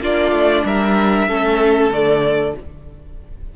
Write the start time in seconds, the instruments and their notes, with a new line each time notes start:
0.00 cello A#3, viola D4, violin F4 D5
0.32 cello A3
0.64 cello G3, violin A#4 E5
1.27 cello A3, viola C#4, violin A4
1.91 cello D3, viola A3, violin D5